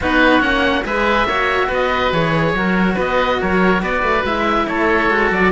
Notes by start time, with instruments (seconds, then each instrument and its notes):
0.00 cello B3 D#4, oboe F#4 B4
0.40 cello A#3 C#4, oboe F#5
0.84 cello G#3 G#4, oboe B4 E5
1.24 cello A#3 F#4, oboe C#5
1.67 cello B3, oboe B4 D#5
2.12 cello E3 G#4, oboe C#5
2.53 cello F#3 F#4, oboe A#4
2.94 cello B3, oboe B4 D#5
3.41 cello F#3, oboe A#4 C#5
3.82 cello B3, oboe B4 D5
4.02 cello A3
4.23 cello G#3 E4, oboe E5
4.67 cello A3, oboe A4 C#5
5.10 cello G#3 F#4
5.31 cello F#3, oboe D5